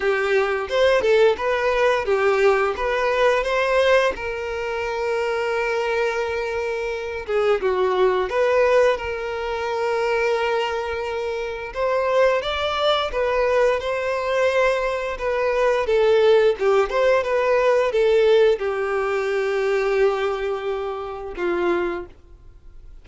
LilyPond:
\new Staff \with { instrumentName = "violin" } { \time 4/4 \tempo 4 = 87 g'4 c''8 a'8 b'4 g'4 | b'4 c''4 ais'2~ | ais'2~ ais'8 gis'8 fis'4 | b'4 ais'2.~ |
ais'4 c''4 d''4 b'4 | c''2 b'4 a'4 | g'8 c''8 b'4 a'4 g'4~ | g'2. f'4 | }